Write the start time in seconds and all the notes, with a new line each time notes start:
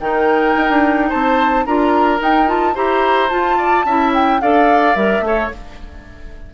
0.00 D#3 D#4 A#4 G5
0.57 D#4
0.69 D4
1.09 C4 C5 A5
1.65 D4 F4 A#4 A#5
2.19 D#4 G5
2.47 F4 A5
2.75 E4 G4 C5 A#5
3.29 F4 A5
3.58 D5
3.85 C#4 E4 E5
4.14 G5
4.41 D4 A4 D5 F5
4.96 G3 A#4 E5
5.20 A3 A4
5.26 C#5